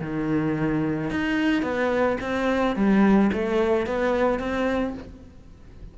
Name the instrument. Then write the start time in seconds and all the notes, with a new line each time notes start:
cello
0.00 D#3
1.10 D#4
1.62 B3
2.21 C4
2.76 G3
3.33 A3
3.86 B3
4.39 C4